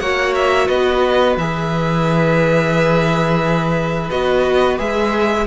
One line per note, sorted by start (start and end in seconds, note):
0.00 0.69 A#3
0.00 1.38 F#4
0.00 0.68 C#5
0.00 0.34 F#5
0.35 0.68 E5
0.68 1.37 B3
0.68 5.45 B4
0.68 1.37 D#5
1.37 4.10 E3
1.37 4.12 G#4
1.37 4.11 E5
4.11 4.79 B3
4.11 4.78 F#4
4.11 4.79 D#5
4.78 5.47 G#3
4.78 5.47 G#4
4.78 5.47 E5